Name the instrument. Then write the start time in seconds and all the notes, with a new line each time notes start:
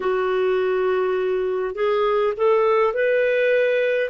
clarinet
0.00 F#4
1.74 G#4
2.36 A4
2.93 B4